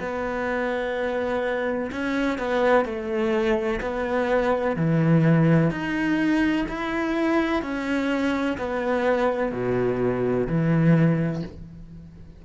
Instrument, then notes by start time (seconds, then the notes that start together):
cello
0.00 B3
1.92 C#4
2.38 B3
2.85 A3
3.81 B3
4.76 E3
5.71 D#4
6.68 E4
7.62 C#4
8.58 B3
9.52 B2
10.47 E3